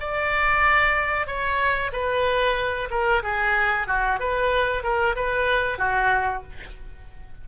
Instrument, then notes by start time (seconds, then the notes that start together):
oboe
0.00 D5
1.27 C#5
1.92 B4
2.90 A#4
3.23 G#4
3.87 F#4
4.20 B4
4.83 A#4
5.16 B4
5.78 F#4